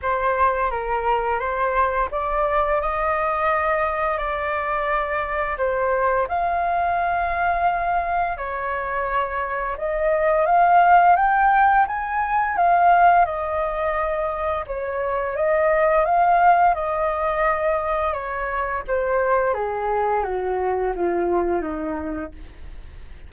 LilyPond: \new Staff \with { instrumentName = "flute" } { \time 4/4 \tempo 4 = 86 c''4 ais'4 c''4 d''4 | dis''2 d''2 | c''4 f''2. | cis''2 dis''4 f''4 |
g''4 gis''4 f''4 dis''4~ | dis''4 cis''4 dis''4 f''4 | dis''2 cis''4 c''4 | gis'4 fis'4 f'4 dis'4 | }